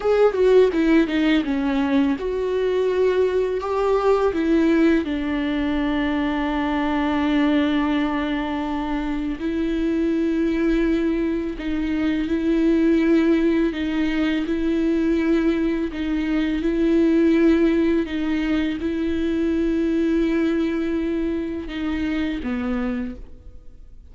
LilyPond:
\new Staff \with { instrumentName = "viola" } { \time 4/4 \tempo 4 = 83 gis'8 fis'8 e'8 dis'8 cis'4 fis'4~ | fis'4 g'4 e'4 d'4~ | d'1~ | d'4 e'2. |
dis'4 e'2 dis'4 | e'2 dis'4 e'4~ | e'4 dis'4 e'2~ | e'2 dis'4 b4 | }